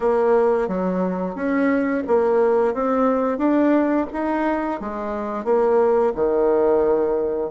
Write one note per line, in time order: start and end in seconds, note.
0.00 0.68 A#3
0.68 1.35 F#3
1.35 2.03 C#4
2.07 2.74 A#3
2.74 3.38 C4
3.38 4.06 D4
4.12 4.80 D#4
4.80 5.44 G#3
5.44 6.12 A#3
6.15 7.50 D#3